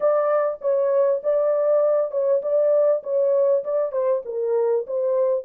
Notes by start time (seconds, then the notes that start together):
0.00 D5
0.61 C#5
1.23 D5
2.11 C#5
2.41 D5
3.03 C#5
3.64 D5
3.91 C5
4.25 A#4
4.87 C5